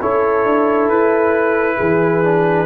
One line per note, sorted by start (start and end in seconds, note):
0.00 0.44 C#4
0.00 2.24 E4
0.00 1.77 A4
0.00 0.89 C#5
0.44 0.88 D4
0.88 1.77 E4
0.88 2.66 B4
1.77 2.66 E3
1.77 2.66 G#4
2.24 2.66 D4